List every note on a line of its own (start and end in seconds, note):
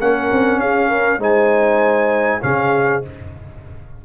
0.00 0.30 A#3
0.00 1.20 C#4
0.00 0.61 A#4
0.00 0.60 F#5
0.32 0.58 C4
0.58 1.18 C#4
0.58 0.89 G#4
0.58 1.20 F5
0.89 1.19 A#4
1.18 2.39 G#3
1.18 2.41 D#4
1.18 2.41 C5
1.18 2.42 G#5
2.42 3.04 C#3
2.42 3.03 C#4
2.42 3.05 G#4
2.42 3.03 F5